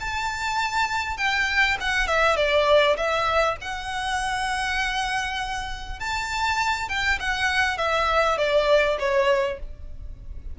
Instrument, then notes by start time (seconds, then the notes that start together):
violin
0.00 A5
1.17 G5
1.80 F#5
2.07 E5
2.36 D5
2.97 E5
3.61 F#5
5.99 A5
6.89 G5
7.20 F#5
7.78 E5
8.38 D5
8.99 C#5